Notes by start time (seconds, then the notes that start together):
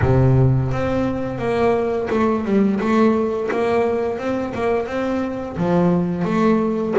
0.02 C3
0.71 C4
1.38 A#3
2.10 A3
2.44 G3
2.79 A3
3.51 A#3
4.18 C4
4.54 A#3
4.86 C4
5.57 F3
6.24 A3